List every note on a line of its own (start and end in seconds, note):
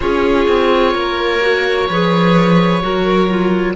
0.00 0.48 C#4
0.00 1.41 F4
0.00 0.93 G#4
0.00 3.72 C#5
0.48 0.95 C4
0.93 1.88 A#3
0.93 1.87 A#4
1.41 1.88 F#4
1.89 2.83 F3
1.89 2.81 G#4
1.89 2.82 B4
2.81 3.75 F#3
2.81 3.28 F#4
2.81 3.75 A#4
3.29 3.75 F4